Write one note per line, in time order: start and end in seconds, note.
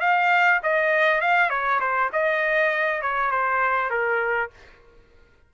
0.00 0.60 F5
0.62 1.21 D#5
1.21 1.49 F5
1.49 1.79 C#5
1.80 2.10 C5
2.12 3.02 D#5
3.02 3.31 C#5
3.31 3.90 C5
3.90 4.50 A#4